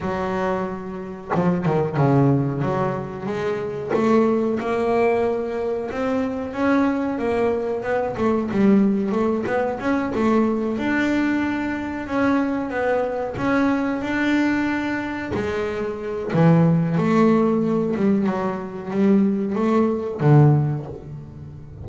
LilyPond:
\new Staff \with { instrumentName = "double bass" } { \time 4/4 \tempo 4 = 92 fis2 f8 dis8 cis4 | fis4 gis4 a4 ais4~ | ais4 c'4 cis'4 ais4 | b8 a8 g4 a8 b8 cis'8 a8~ |
a8 d'2 cis'4 b8~ | b8 cis'4 d'2 gis8~ | gis4 e4 a4. g8 | fis4 g4 a4 d4 | }